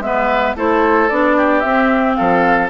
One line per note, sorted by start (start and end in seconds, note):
0.00 0.54 G#3
0.00 0.57 B3
0.00 0.56 E5
0.06 0.57 B4
0.57 1.10 A3
0.57 1.10 E4
0.57 1.37 A4
0.57 1.09 C5
1.09 1.64 B3
1.09 1.64 D4
1.09 1.60 D5
1.37 2.17 G4
1.60 2.18 C4
1.60 2.70 C4
1.60 2.14 E5
2.15 2.70 F3
2.15 2.70 A4
2.15 2.69 F5